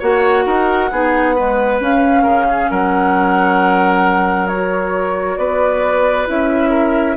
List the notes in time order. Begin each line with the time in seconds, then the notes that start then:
0.00 A#3 F#4 C#5 F#5
0.46 D#4 A#4
0.91 B3 D#4 G#4
1.35 G#3 B4
1.81 C#4 F5
2.23 C#3 A#4
2.49 G#4
2.70 F#3 A#4 F#5
4.48 F#4 C#5
5.37 B3 B4 D5
6.27 C#4 E4 E5
6.70 A#4